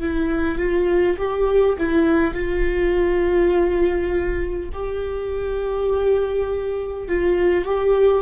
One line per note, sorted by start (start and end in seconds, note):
0.00 0.58 E4
0.58 1.17 F4
1.18 1.76 G4
1.78 2.34 E4
2.34 4.70 F4
4.73 7.08 G4
7.08 7.65 F4
7.65 8.22 G4